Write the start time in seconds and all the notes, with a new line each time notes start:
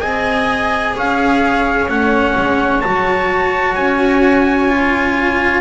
0.00 C4 G#4 D#5 G#5
0.96 C#4 C#5 F5
1.88 A3 C#4 F#5
2.36 G#3
2.80 F#3 F#4 A5
3.74 C#4 G#5
4.68 F4